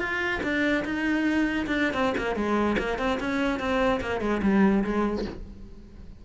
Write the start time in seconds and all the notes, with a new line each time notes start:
0.00 F4
0.43 D4
0.85 D#4
1.67 D4
1.94 C4
2.18 A#3
2.36 G#3
2.79 A#3
2.99 C4
3.20 C#4
3.60 C4
4.01 A#3
4.21 G#3
4.43 G3
4.84 G#3